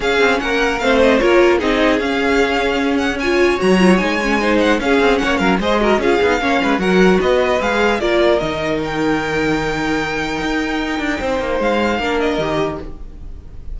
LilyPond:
<<
  \new Staff \with { instrumentName = "violin" } { \time 4/4 \tempo 4 = 150 f''4 fis''4 f''8 dis''8 cis''4 | dis''4 f''2~ f''8 fis''8 | gis''4 ais''4 gis''4. fis''8 | f''4 fis''8 f''8 dis''4 f''4~ |
f''4 fis''4 dis''4 f''4 | d''4 dis''4 g''2~ | g''1~ | g''4 f''4. dis''4. | }
  \new Staff \with { instrumentName = "violin" } { \time 4/4 gis'4 ais'4 c''4 ais'4 | gis'1 | cis''2. c''4 | gis'4 cis''8 ais'8 c''8 ais'8 gis'4 |
cis''8 b'8 ais'4 b'2 | ais'1~ | ais'1 | c''2 ais'2 | }
  \new Staff \with { instrumentName = "viola" } { \time 4/4 cis'2 c'4 f'4 | dis'4 cis'2. | f'4 fis'8 f'8 dis'8 cis'8 dis'4 | cis'2 gis'8 fis'8 f'8 dis'8 |
cis'4 fis'2 gis'4 | f'4 dis'2.~ | dis'1~ | dis'2 d'4 g'4 | }
  \new Staff \with { instrumentName = "cello" } { \time 4/4 cis'8 c'8 ais4 a4 ais4 | c'4 cis'2.~ | cis'4 fis4 gis2 | cis'8 c'8 ais8 fis8 gis4 cis'8 b8 |
ais8 gis8 fis4 b4 gis4 | ais4 dis2.~ | dis2 dis'4. d'8 | c'8 ais8 gis4 ais4 dis4 | }
>>